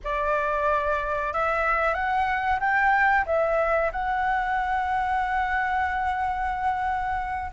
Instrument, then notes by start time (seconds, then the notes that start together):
flute
0.04 D5
1.33 E5
1.94 F#5
2.60 G5
3.26 E5
3.92 F#5